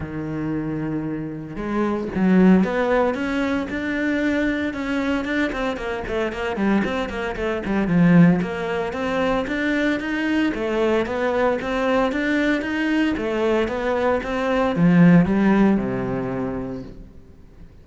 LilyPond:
\new Staff \with { instrumentName = "cello" } { \time 4/4 \tempo 4 = 114 dis2. gis4 | fis4 b4 cis'4 d'4~ | d'4 cis'4 d'8 c'8 ais8 a8 | ais8 g8 c'8 ais8 a8 g8 f4 |
ais4 c'4 d'4 dis'4 | a4 b4 c'4 d'4 | dis'4 a4 b4 c'4 | f4 g4 c2 | }